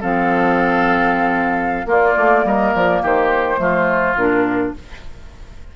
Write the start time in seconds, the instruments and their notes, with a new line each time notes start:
0.00 bassoon F3, clarinet C4, oboe A4, flute F5
1.85 bassoon A#3, clarinet A#3, oboe F4
1.91 flute D5
2.17 bassoon A3
2.44 bassoon G3, oboe A#4, flute D#5
2.74 bassoon F3, flute D5
3.02 bassoon D#3, oboe G4, flute C5
3.57 bassoon F3, clarinet A3, oboe F4
4.15 bassoon A#2, clarinet D4, flute A#4